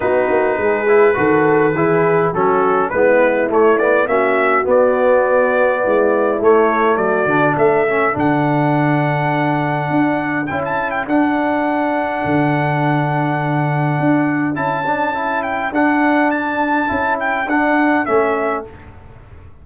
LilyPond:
<<
  \new Staff \with { instrumentName = "trumpet" } { \time 4/4 \tempo 4 = 103 b'1 | a'4 b'4 cis''8 d''8 e''4 | d''2. cis''4 | d''4 e''4 fis''2~ |
fis''2 g''16 a''8 g''16 fis''4~ | fis''1~ | fis''4 a''4. g''8 fis''4 | a''4. g''8 fis''4 e''4 | }
  \new Staff \with { instrumentName = "horn" } { \time 4/4 fis'4 gis'4 a'4 gis'4 | fis'4 e'2 fis'4~ | fis'2 e'2 | fis'4 a'2.~ |
a'1~ | a'1~ | a'1~ | a'1 | }
  \new Staff \with { instrumentName = "trombone" } { \time 4/4 dis'4. e'8 fis'4 e'4 | cis'4 b4 a8 b8 cis'4 | b2. a4~ | a8 d'4 cis'8 d'2~ |
d'2 e'4 d'4~ | d'1~ | d'4 e'8 d'8 e'4 d'4~ | d'4 e'4 d'4 cis'4 | }
  \new Staff \with { instrumentName = "tuba" } { \time 4/4 b8 ais8 gis4 dis4 e4 | fis4 gis4 a4 ais4 | b2 gis4 a4 | fis8 d8 a4 d2~ |
d4 d'4 cis'4 d'4~ | d'4 d2. | d'4 cis'2 d'4~ | d'4 cis'4 d'4 a4 | }
>>